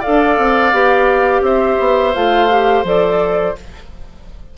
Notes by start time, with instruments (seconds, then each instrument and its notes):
0.00 clarinet A4, oboe D5, flute F5
0.07 bassoon D4
0.38 bassoon C4
0.72 bassoon B3, clarinet G4
1.41 bassoon C4, oboe C5, flute E5
1.79 bassoon B3
2.14 bassoon A3, clarinet F4, flute F5
2.50 clarinet G4
2.84 bassoon F3, clarinet A4, flute D5